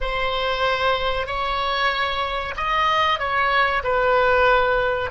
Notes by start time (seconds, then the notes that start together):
0.01 C5
1.26 C#5
2.56 D#5
3.19 C#5
3.83 B4